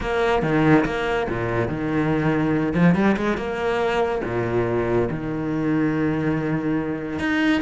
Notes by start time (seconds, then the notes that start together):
0.00 A#3
0.42 D#3
0.85 A#3
1.29 A#2
1.67 D#3
2.73 F3
2.95 G3
3.16 G#3
3.37 A#3
4.24 A#2
5.10 D#3
7.19 D#4